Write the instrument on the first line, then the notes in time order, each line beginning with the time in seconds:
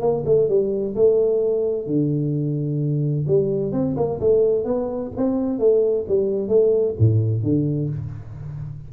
tuba
0.00 A#3
0.25 A3
0.49 G3
0.95 A3
1.86 D3
3.27 G3
3.72 C4
3.96 A#3
4.20 A3
4.64 B3
5.16 C4
5.59 A3
6.08 G3
6.48 A3
6.99 A2
7.43 D3